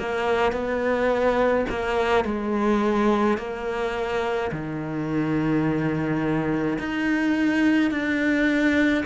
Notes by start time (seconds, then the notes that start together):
0.00 A#3
0.52 B3
1.70 A#3
2.25 G#3
3.38 A#3
4.52 D#3
6.79 D#4
7.91 D4